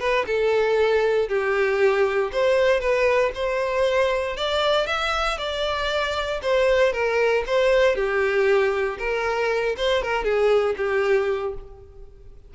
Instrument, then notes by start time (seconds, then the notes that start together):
violin
0.00 B4
0.27 A4
1.29 G4
2.33 C5
2.81 B4
3.35 C5
4.37 D5
4.87 E5
5.38 D5
6.42 C5
6.93 A#4
7.47 C5
7.96 G4
8.99 A#4
9.78 C5
10.03 A#4
10.24 G#4
10.78 G4